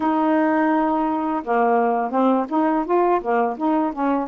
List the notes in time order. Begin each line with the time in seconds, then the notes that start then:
0.00 D#4
1.43 A#3
2.10 C4
2.49 D#4
2.85 F4
3.21 A#3
3.57 D#4
3.93 C#4